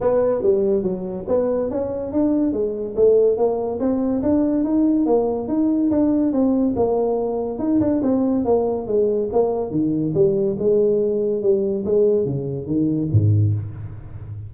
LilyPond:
\new Staff \with { instrumentName = "tuba" } { \time 4/4 \tempo 4 = 142 b4 g4 fis4 b4 | cis'4 d'4 gis4 a4 | ais4 c'4 d'4 dis'4 | ais4 dis'4 d'4 c'4 |
ais2 dis'8 d'8 c'4 | ais4 gis4 ais4 dis4 | g4 gis2 g4 | gis4 cis4 dis4 gis,4 | }